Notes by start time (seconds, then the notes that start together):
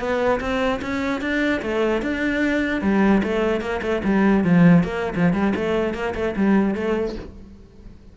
0.00 B3
0.41 C4
0.82 C#4
1.21 D4
1.62 A3
2.02 D4
2.82 G3
3.24 A3
3.61 A#3
3.82 A3
4.05 G3
4.45 F3
4.84 A#3
5.16 F3
5.33 G3
5.56 A3
5.94 A#3
6.15 A3
6.37 G3
6.75 A3